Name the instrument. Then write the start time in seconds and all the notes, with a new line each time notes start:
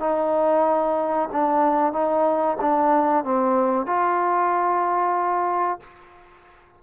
trombone
0.00 D#4
1.32 D4
1.93 D#4
2.61 D4
3.24 C4
3.86 F4